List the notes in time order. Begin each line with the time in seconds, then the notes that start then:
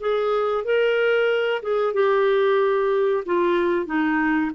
0.00 G#4
0.64 A#4
1.62 G#4
1.94 G4
3.25 F4
3.86 D#4